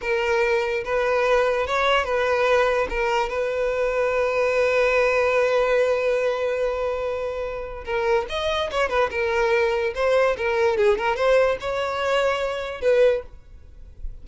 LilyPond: \new Staff \with { instrumentName = "violin" } { \time 4/4 \tempo 4 = 145 ais'2 b'2 | cis''4 b'2 ais'4 | b'1~ | b'1~ |
b'2. ais'4 | dis''4 cis''8 b'8 ais'2 | c''4 ais'4 gis'8 ais'8 c''4 | cis''2. b'4 | }